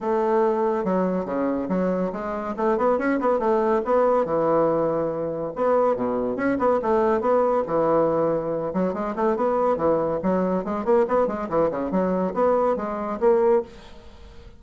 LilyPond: \new Staff \with { instrumentName = "bassoon" } { \time 4/4 \tempo 4 = 141 a2 fis4 cis4 | fis4 gis4 a8 b8 cis'8 b8 | a4 b4 e2~ | e4 b4 b,4 cis'8 b8 |
a4 b4 e2~ | e8 fis8 gis8 a8 b4 e4 | fis4 gis8 ais8 b8 gis8 e8 cis8 | fis4 b4 gis4 ais4 | }